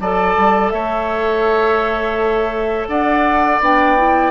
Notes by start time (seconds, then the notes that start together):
0.00 F#3 A4 D5 A5
0.36 G3
0.70 A3 C#5 E5
2.88 D4 D5 F#5
3.61 B3 D4 G5
3.97 E4